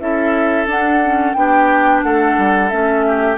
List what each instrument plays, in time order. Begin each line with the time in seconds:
0.00 bassoon C#4, clarinet E4, oboe A4, flute E5
0.67 bassoon D4, clarinet D4, flute F#5
1.05 clarinet C#4
1.33 bassoon B3, clarinet D4, oboe G4, flute G5
2.03 bassoon A3, oboe A4, flute F#5
2.38 bassoon G3
2.70 bassoon A3, clarinet C#4, flute E5
3.07 oboe G4